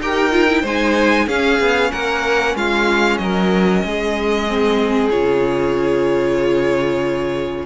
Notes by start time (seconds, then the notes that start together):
0.00 D#4 G4 A#4 G5
0.31 F4
0.49 E4
0.61 G#3 D#4 C5 G#5
1.26 C#4 G#4 F5
1.59 B3
1.91 A#3 A#4 F#5
2.55 G#3 F4 F5
3.17 F#3 A#4 D#5
3.83 G#3 G#4
4.48 C4
5.10 C#3 F4 C#5